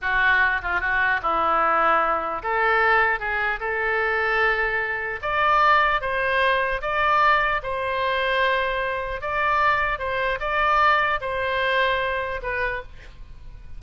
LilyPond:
\new Staff \with { instrumentName = "oboe" } { \time 4/4 \tempo 4 = 150 fis'4. f'8 fis'4 e'4~ | e'2 a'2 | gis'4 a'2.~ | a'4 d''2 c''4~ |
c''4 d''2 c''4~ | c''2. d''4~ | d''4 c''4 d''2 | c''2. b'4 | }